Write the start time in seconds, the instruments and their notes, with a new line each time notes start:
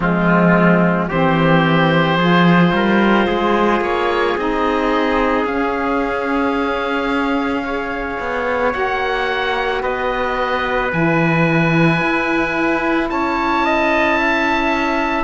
0.00 cello F3, saxophone G#3, trumpet C4, oboe F4
1.08 cello E3, saxophone C4, trumpet G4, oboe C5
2.16 cello F3, saxophone F4, trumpet G#4
2.72 cello G3, trumpet A#4
3.27 cello G#3, trumpet G#4
3.80 cello A#3, oboe C#5
4.37 cello C4, saxophone D#4, oboe D#5
5.44 cello C#4, saxophone C#4, oboe F5
7.64 saxophone G#4, trumpet C#5
8.19 cello B3
8.70 cello A#3, saxophone F#4, oboe F#5
9.81 cello B3, trumpet B4, oboe D#5
10.91 cello E3, saxophone E4, oboe G#5
12.01 cello E4
13.09 cello C#4, trumpet C#5, oboe A5
13.64 trumpet D#5
14.17 trumpet E5